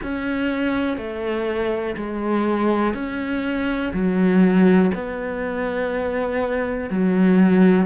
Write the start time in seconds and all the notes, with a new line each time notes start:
0.03 C#4
0.97 A3
1.96 G#3
2.94 C#4
3.93 F#3
4.94 B3
6.89 F#3